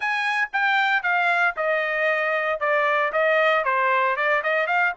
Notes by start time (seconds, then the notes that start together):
0.00 G#5
0.52 G5
1.02 F5
1.56 D#5
2.59 D5
3.12 D#5
3.64 C5
4.16 D5
4.43 D#5
4.66 F5